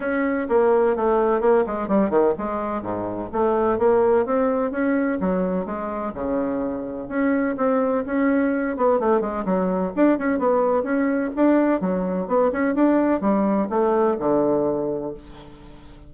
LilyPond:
\new Staff \with { instrumentName = "bassoon" } { \time 4/4 \tempo 4 = 127 cis'4 ais4 a4 ais8 gis8 | g8 dis8 gis4 gis,4 a4 | ais4 c'4 cis'4 fis4 | gis4 cis2 cis'4 |
c'4 cis'4. b8 a8 gis8 | fis4 d'8 cis'8 b4 cis'4 | d'4 fis4 b8 cis'8 d'4 | g4 a4 d2 | }